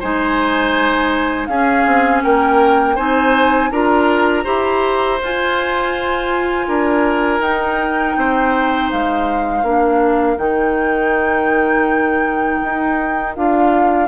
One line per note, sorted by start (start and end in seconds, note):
0.00 1.48 G#3
0.00 1.51 D#4
0.00 1.48 C5
0.00 1.47 G#5
1.47 1.85 C#4
1.47 2.98 C#4
1.47 2.24 G#4
1.47 2.21 F5
1.86 2.23 C4
2.23 2.99 A#3
2.23 2.96 A#4
2.23 2.97 G5
2.96 3.71 C4
2.96 3.72 D#4
2.96 3.70 C5
2.96 3.71 G#5
3.71 4.45 D4
3.71 4.45 F4
3.71 4.45 A#4
3.71 5.20 A#5
4.45 5.21 E4
4.45 5.19 G4
4.45 6.67 C5
5.22 6.68 F4
5.22 7.41 F4
5.22 7.42 G#5
6.68 7.40 D4
6.68 8.17 A#4
7.40 8.14 D#4
7.40 9.63 D#4
7.40 8.90 G5
8.17 8.91 C4
8.17 9.67 C5
8.91 9.63 G#3
8.91 10.38 F5
9.63 10.37 A#3
9.63 10.38 D4
9.63 14.08 A#4
10.38 12.60 D#3
10.38 13.35 D#4
10.38 13.34 G5
12.63 13.37 D#4
13.36 14.08 D4
13.36 14.08 F4
13.36 14.08 F5